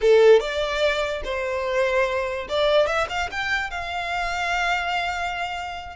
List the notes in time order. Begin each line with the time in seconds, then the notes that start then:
0.01 A4
0.39 D5
1.24 C5
2.48 D5
2.86 E5
3.09 F5
3.31 G5
3.70 F5